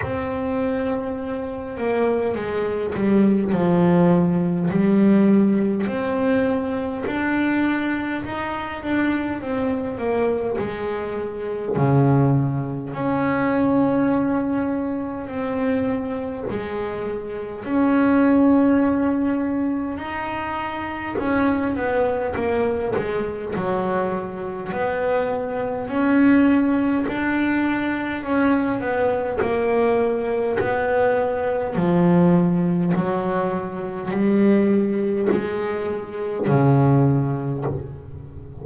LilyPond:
\new Staff \with { instrumentName = "double bass" } { \time 4/4 \tempo 4 = 51 c'4. ais8 gis8 g8 f4 | g4 c'4 d'4 dis'8 d'8 | c'8 ais8 gis4 cis4 cis'4~ | cis'4 c'4 gis4 cis'4~ |
cis'4 dis'4 cis'8 b8 ais8 gis8 | fis4 b4 cis'4 d'4 | cis'8 b8 ais4 b4 f4 | fis4 g4 gis4 cis4 | }